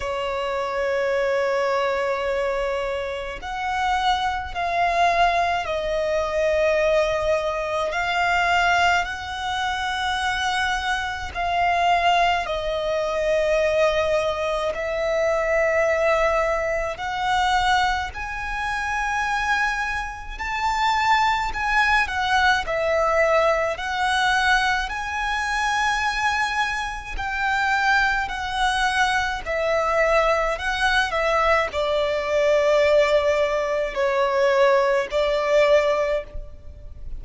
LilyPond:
\new Staff \with { instrumentName = "violin" } { \time 4/4 \tempo 4 = 53 cis''2. fis''4 | f''4 dis''2 f''4 | fis''2 f''4 dis''4~ | dis''4 e''2 fis''4 |
gis''2 a''4 gis''8 fis''8 | e''4 fis''4 gis''2 | g''4 fis''4 e''4 fis''8 e''8 | d''2 cis''4 d''4 | }